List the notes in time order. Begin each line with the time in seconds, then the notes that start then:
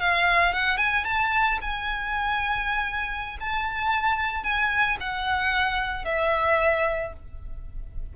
0.00 F5
0.53 F#5
0.77 G#5
1.05 A5
1.61 G#5
3.40 A5
4.43 G#5
5.00 F#5
6.05 E5